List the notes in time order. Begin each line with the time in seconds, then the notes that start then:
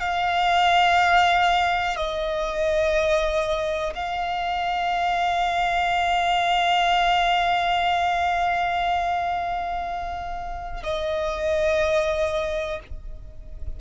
0.00 F5
1.97 D#5
3.95 F5
10.83 D#5